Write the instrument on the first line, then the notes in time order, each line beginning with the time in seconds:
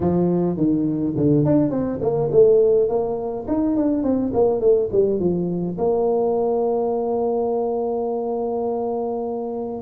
tuba
0.00 F3
0.56 D#3
1.16 D3
1.45 D4
1.70 C4
2.01 A#3
2.31 A3
2.88 A#3
3.47 D#4
3.76 D4
4.03 C4
4.33 A#3
4.60 A3
4.91 G3
5.19 F3
5.78 A#3